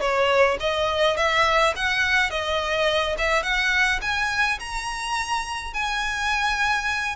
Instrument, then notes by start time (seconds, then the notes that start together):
violin
0.00 C#5
0.60 D#5
1.16 E5
1.76 F#5
2.30 D#5
3.17 E5
3.42 F#5
4.01 G#5
4.59 A#5
5.74 G#5